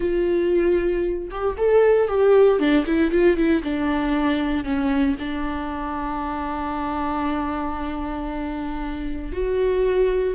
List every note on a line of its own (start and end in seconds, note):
0.00 1.29 F4
1.30 1.56 G4
1.57 2.07 A4
2.07 2.59 G4
2.59 2.84 D4
2.86 3.11 E4
3.11 3.36 F4
3.36 3.62 E4
3.63 4.64 D4
4.64 5.16 C#4
5.19 9.32 D4
9.32 10.34 F#4